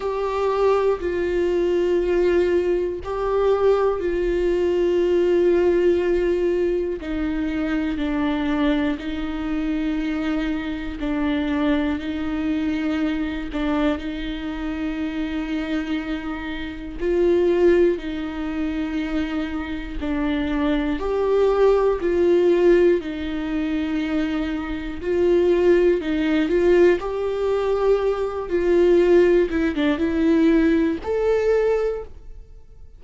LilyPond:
\new Staff \with { instrumentName = "viola" } { \time 4/4 \tempo 4 = 60 g'4 f'2 g'4 | f'2. dis'4 | d'4 dis'2 d'4 | dis'4. d'8 dis'2~ |
dis'4 f'4 dis'2 | d'4 g'4 f'4 dis'4~ | dis'4 f'4 dis'8 f'8 g'4~ | g'8 f'4 e'16 d'16 e'4 a'4 | }